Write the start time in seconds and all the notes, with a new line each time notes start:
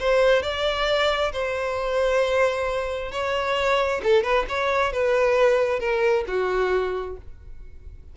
0.00 C5
0.43 D5
1.33 C5
3.12 C#5
4.04 A4
4.24 B4
4.49 C#5
4.93 B4
5.80 A#4
6.27 F#4